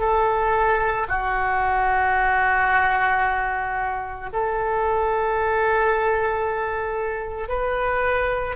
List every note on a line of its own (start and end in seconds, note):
0.00 1.07 A4
1.09 4.30 F#4
4.33 7.49 A4
7.49 8.56 B4